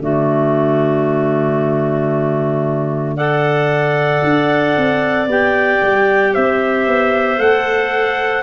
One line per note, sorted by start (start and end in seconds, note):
0.00 4.21 D3
0.00 3.17 A3
0.00 3.16 F#4
0.00 3.17 D5
3.16 5.28 A4
3.16 6.32 D5
3.16 5.28 F#5
4.24 4.77 D4
4.77 5.27 C4
5.27 5.80 B3
5.27 7.38 G4
5.27 6.35 G5
5.83 6.36 G3
6.34 6.87 C4
6.34 8.43 C5
6.34 7.40 E5
6.87 7.39 B3
7.38 8.43 A3
7.38 8.43 A4
7.38 8.43 F#5